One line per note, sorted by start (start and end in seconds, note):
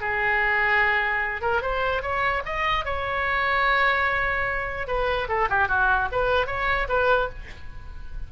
0.00 1.41 G#4
1.41 1.62 A#4
1.62 2.02 C5
2.02 2.43 C#5
2.45 2.85 D#5
2.85 4.87 C#5
4.87 5.28 B4
5.29 5.49 A4
5.50 5.68 G4
5.68 6.09 F#4
6.12 6.47 B4
6.47 6.87 C#5
6.88 7.29 B4